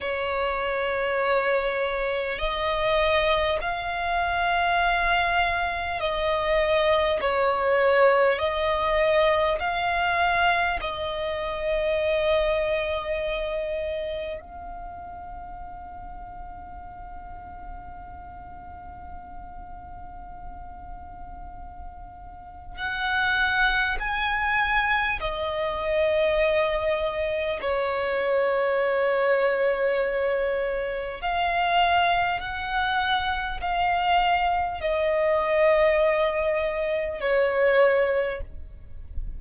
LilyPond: \new Staff \with { instrumentName = "violin" } { \time 4/4 \tempo 4 = 50 cis''2 dis''4 f''4~ | f''4 dis''4 cis''4 dis''4 | f''4 dis''2. | f''1~ |
f''2. fis''4 | gis''4 dis''2 cis''4~ | cis''2 f''4 fis''4 | f''4 dis''2 cis''4 | }